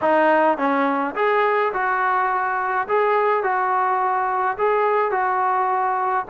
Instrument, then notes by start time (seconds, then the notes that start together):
trombone
0.01 D#4
0.57 C#4
1.15 G#4
1.73 F#4
2.88 G#4
3.43 F#4
4.57 G#4
5.11 F#4